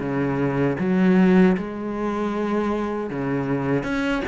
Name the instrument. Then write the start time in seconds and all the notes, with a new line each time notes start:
cello
0.00 C#3
0.79 F#3
1.58 G#3
3.10 C#3
3.83 C#4